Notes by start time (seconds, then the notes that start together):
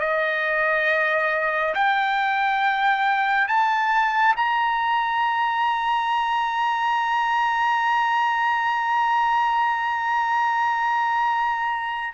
0.00 D#5
1.75 G5
3.48 A5
4.36 A#5